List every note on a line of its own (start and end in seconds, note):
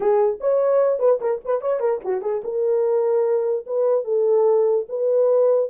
0.00 0.39 G#4
0.40 0.99 C#5
0.99 1.19 B4
1.21 1.41 A#4
1.44 1.61 B4
1.61 1.79 C#5
1.79 2.00 A#4
2.04 2.21 F#4
2.21 2.42 G#4
2.43 3.65 A#4
3.66 4.04 B4
4.04 4.85 A4
4.89 5.70 B4